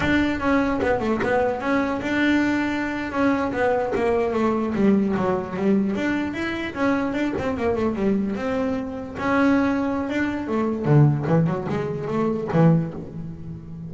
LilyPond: \new Staff \with { instrumentName = "double bass" } { \time 4/4 \tempo 4 = 149 d'4 cis'4 b8 a8 b4 | cis'4 d'2~ d'8. cis'16~ | cis'8. b4 ais4 a4 g16~ | g8. fis4 g4 d'4 e'16~ |
e'8. cis'4 d'8 c'8 ais8 a8 g16~ | g8. c'2 cis'4~ cis'16~ | cis'4 d'4 a4 d4 | e8 fis8 gis4 a4 e4 | }